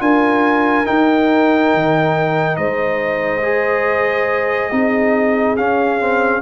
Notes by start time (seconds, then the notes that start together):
0.00 D4 F4 A#4 G#5
0.85 D#4 G5
1.74 D#3
2.57 G#3 C5 D#5
3.43 G#4
4.71 C4 D#4 G#4
5.57 C#4 F5
6.00 C4